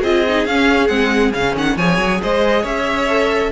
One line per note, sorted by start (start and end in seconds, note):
0.00 0.45 C4
0.00 0.26 F4
0.00 1.75 G#4
0.00 0.46 D#5
0.28 0.47 D#4
0.45 0.89 C#4
0.45 0.88 C#4
0.45 0.88 F5
0.88 1.33 G#3
0.88 1.32 C4
0.88 1.31 F#5
1.33 1.56 C#3
1.33 1.78 C#4
1.33 1.55 F5
1.56 1.77 D#3
1.56 1.77 F#5
1.76 1.98 F3
1.76 3.09 G#4
1.76 2.20 C#5
1.76 2.21 G#5
1.98 2.20 F#3
2.22 2.64 G#3
2.22 2.62 C5
2.22 2.66 D#5
2.62 3.52 C#4
2.62 3.50 C#5
2.62 3.52 E5
3.09 3.52 A4